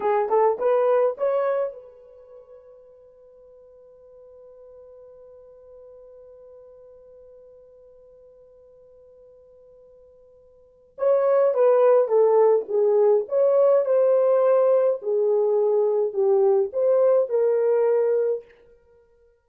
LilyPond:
\new Staff \with { instrumentName = "horn" } { \time 4/4 \tempo 4 = 104 gis'8 a'8 b'4 cis''4 b'4~ | b'1~ | b'1~ | b'1~ |
b'2. cis''4 | b'4 a'4 gis'4 cis''4 | c''2 gis'2 | g'4 c''4 ais'2 | }